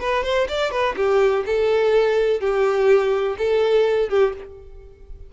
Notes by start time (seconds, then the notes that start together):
0.00 B4
0.23 C5
0.48 D5
0.71 B4
0.96 G4
1.46 A4
2.40 G4
3.38 A4
4.09 G4